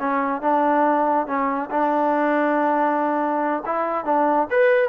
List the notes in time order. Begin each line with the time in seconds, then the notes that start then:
0.00 C#4
0.42 D4
1.27 C#4
1.71 D4
3.66 E4
4.05 D4
4.51 B4